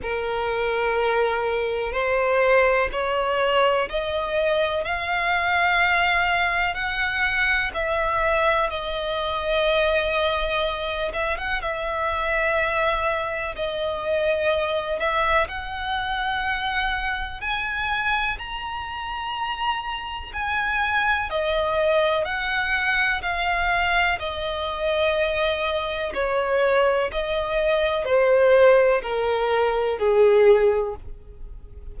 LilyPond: \new Staff \with { instrumentName = "violin" } { \time 4/4 \tempo 4 = 62 ais'2 c''4 cis''4 | dis''4 f''2 fis''4 | e''4 dis''2~ dis''8 e''16 fis''16 | e''2 dis''4. e''8 |
fis''2 gis''4 ais''4~ | ais''4 gis''4 dis''4 fis''4 | f''4 dis''2 cis''4 | dis''4 c''4 ais'4 gis'4 | }